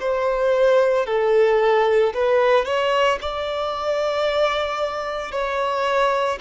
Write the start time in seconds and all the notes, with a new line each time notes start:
0.00 C5
1.06 A4
2.14 B4
2.65 C#5
3.21 D5
5.32 C#5